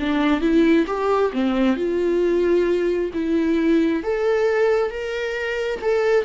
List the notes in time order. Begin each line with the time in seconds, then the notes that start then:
0.00 D4
0.41 E4
0.87 G4
1.33 C4
1.77 F4
3.14 E4
4.03 A4
4.91 A#4
5.82 A4